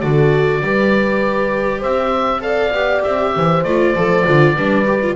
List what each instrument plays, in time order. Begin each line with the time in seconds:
0.00 double bass D3, viola F#4, horn A4, oboe D5
0.60 double bass G3, viola G4, horn B4
1.79 double bass C4, horn C5, oboe E5
2.41 viola A4, horn D5, oboe F5
2.73 double bass B3, viola G4
3.03 double bass C4, oboe E5
3.35 double bass E3, horn C5
3.63 double bass A3, viola F4, oboe D5
3.95 double bass F3, viola A4
4.25 double bass D3, viola F4
4.55 double bass G3, viola D4, horn B4
4.85 viola G4
5.02 viola F4